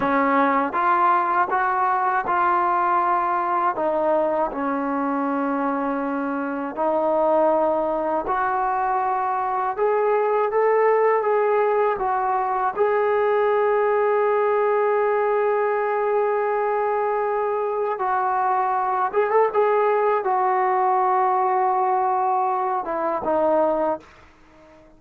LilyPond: \new Staff \with { instrumentName = "trombone" } { \time 4/4 \tempo 4 = 80 cis'4 f'4 fis'4 f'4~ | f'4 dis'4 cis'2~ | cis'4 dis'2 fis'4~ | fis'4 gis'4 a'4 gis'4 |
fis'4 gis'2.~ | gis'1 | fis'4. gis'16 a'16 gis'4 fis'4~ | fis'2~ fis'8 e'8 dis'4 | }